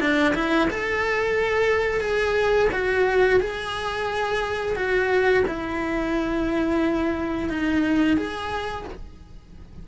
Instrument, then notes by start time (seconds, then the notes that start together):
cello
0.00 D4
0.35 E4
0.70 A4
2.01 G#4
2.72 F#4
3.40 G#4
4.76 F#4
5.47 E4
7.49 D#4
8.17 G#4